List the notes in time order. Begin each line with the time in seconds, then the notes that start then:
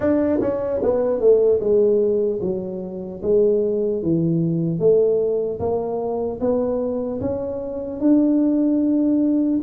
0.00 D4
0.40 C#4
0.82 B3
1.20 A3
1.60 G#3
2.41 F#3
3.22 G#3
4.02 E3
4.79 A3
5.59 A#3
6.40 B3
7.20 C#4
8.00 D4